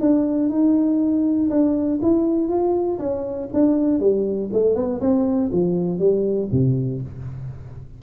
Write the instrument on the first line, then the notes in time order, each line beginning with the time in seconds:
tuba
0.00 D4
0.49 D#4
1.50 D4
2.02 E4
2.48 F4
2.98 C#4
3.53 D4
3.99 G3
4.52 A3
4.75 B3
5.00 C4
5.52 F3
5.98 G3
6.51 C3